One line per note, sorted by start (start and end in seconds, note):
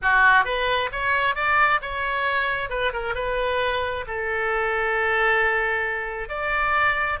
0.02 0.44 F#4
0.44 0.90 B4
0.91 1.35 C#5
1.35 1.80 D5
1.81 2.69 C#5
2.69 2.92 B4
2.93 3.15 A#4
3.15 4.05 B4
4.07 6.28 A4
6.28 7.19 D5